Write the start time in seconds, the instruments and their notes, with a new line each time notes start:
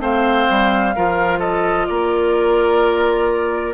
0.00 bassoon A3, clarinet C4, oboe C5, flute F5
0.50 bassoon G3
0.95 bassoon F3, clarinet F4, oboe A#4
1.39 oboe A4, flute D#5
1.86 bassoon A#3, oboe A#4, flute D5